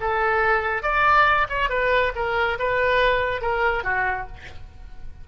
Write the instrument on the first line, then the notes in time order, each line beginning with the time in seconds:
oboe
0.00 A4
0.82 D5
1.49 C#5
1.69 B4
2.15 A#4
2.58 B4
3.41 A#4
3.83 F#4